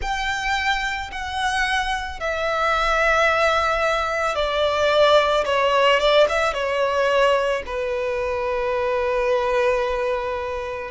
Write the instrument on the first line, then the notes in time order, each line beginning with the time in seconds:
violin
0.01 G5
1.12 F#5
2.20 E5
4.35 D5
5.45 C#5
6.00 D5
6.28 E5
6.53 C#5
7.66 B4